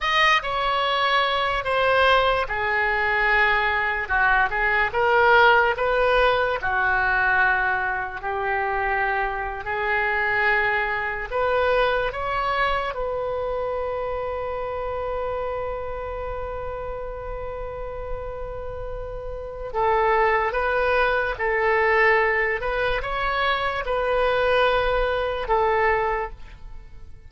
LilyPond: \new Staff \with { instrumentName = "oboe" } { \time 4/4 \tempo 4 = 73 dis''8 cis''4. c''4 gis'4~ | gis'4 fis'8 gis'8 ais'4 b'4 | fis'2 g'4.~ g'16 gis'16~ | gis'4.~ gis'16 b'4 cis''4 b'16~ |
b'1~ | b'1 | a'4 b'4 a'4. b'8 | cis''4 b'2 a'4 | }